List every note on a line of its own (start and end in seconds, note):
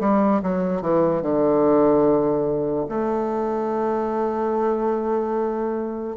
0.00 0.41 G3
0.42 0.81 F#3
0.81 1.22 E3
1.22 2.86 D3
2.89 6.16 A3